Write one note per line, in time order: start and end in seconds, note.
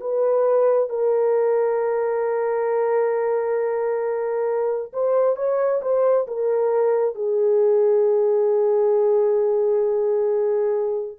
0.00 0.89 B4
0.89 4.92 A#4
4.93 5.36 C5
5.36 5.80 C#5
5.82 6.26 C5
6.27 7.14 A#4
7.14 11.17 G#4